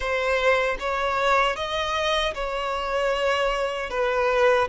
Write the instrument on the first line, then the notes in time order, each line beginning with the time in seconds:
violin
0.00 C5
0.79 C#5
1.55 D#5
2.34 C#5
3.90 B4